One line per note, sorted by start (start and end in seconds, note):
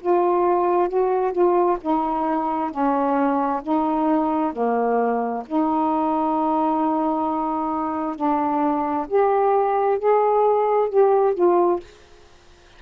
0.00 0.88 F4
0.88 1.32 F#4
1.32 1.77 F4
1.81 2.71 D#4
2.71 3.62 C#4
3.62 4.52 D#4
4.52 5.43 A#3
5.46 8.16 D#4
8.16 9.07 D4
9.07 9.98 G4
9.98 10.89 G#4
10.89 11.34 G4
11.34 11.79 F4